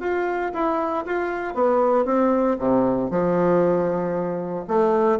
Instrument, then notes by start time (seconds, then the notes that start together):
bassoon
0.00 F4
0.54 E4
1.05 F4
1.54 B3
2.05 C4
2.59 C3
3.10 F3
4.68 A3